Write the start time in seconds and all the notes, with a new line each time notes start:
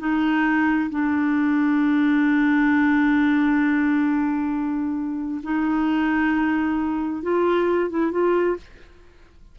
0.00 D#4
0.91 D4
5.43 D#4
7.23 F4
7.90 E4
8.12 F4